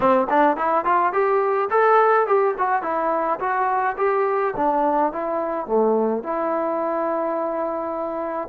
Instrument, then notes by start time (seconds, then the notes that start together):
trombone
0.00 C4
0.29 D4
0.56 E4
0.84 F4
1.12 G4
1.70 A4
2.26 G4
2.58 F#4
2.82 E4
3.39 F#4
3.97 G4
4.56 D4
5.12 E4
5.66 A3
6.23 E4